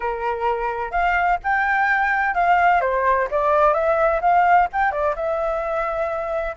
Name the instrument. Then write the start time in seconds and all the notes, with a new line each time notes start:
flute
0.00 A#4
0.91 F5
1.43 G5
2.34 F5
2.81 C5
3.30 D5
3.73 E5
4.21 F5
4.72 G5
4.91 D5
5.15 E5